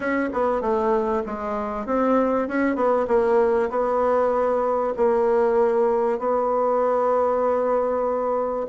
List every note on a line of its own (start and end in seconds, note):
0.00 0.29 C#4
0.33 0.61 B3
0.61 1.23 A3
1.25 1.86 G#3
1.86 2.47 C4
2.48 2.75 C#4
2.75 3.06 B3
3.07 3.69 A#3
3.69 4.93 B3
4.97 6.19 A#3
6.19 8.66 B3